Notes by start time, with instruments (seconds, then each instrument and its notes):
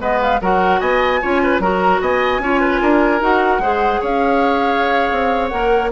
0.00 bassoon G#3, clarinet B3, oboe B4, flute D#5
0.22 flute F5
0.41 bassoon F#3, clarinet F#4, oboe A#4, flute F#5
0.80 bassoon B3, oboe D#5, flute G#5
1.22 bassoon C#4, clarinet F4, oboe C#5
1.43 oboe B4
1.60 bassoon F#3, clarinet F#4, oboe A#4, flute A#5
2.02 bassoon B3, oboe D#5, flute G#5
2.39 bassoon C#4, clarinet F4, oboe C#5
2.61 oboe B4
2.82 bassoon D4, oboe A#4
3.21 bassoon D#4, clarinet F#4, flute F#5
3.59 bassoon G#3, clarinet G#4, oboe C5
4.01 bassoon C#4, oboe C#5, flute F5
5.12 bassoon C4
5.49 bassoon A#3, clarinet A#4, flute F#5